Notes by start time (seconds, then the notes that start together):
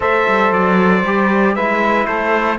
0.00 A3 A4 C5 E5
0.27 G3
0.51 F#3 D5
1.04 G3 G4
1.54 G#3 E4 B4 E5
2.06 A3 A4 C5